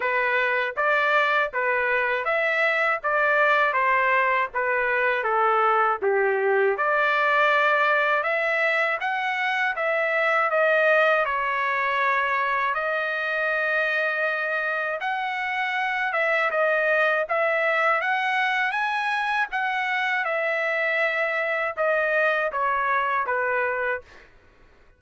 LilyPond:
\new Staff \with { instrumentName = "trumpet" } { \time 4/4 \tempo 4 = 80 b'4 d''4 b'4 e''4 | d''4 c''4 b'4 a'4 | g'4 d''2 e''4 | fis''4 e''4 dis''4 cis''4~ |
cis''4 dis''2. | fis''4. e''8 dis''4 e''4 | fis''4 gis''4 fis''4 e''4~ | e''4 dis''4 cis''4 b'4 | }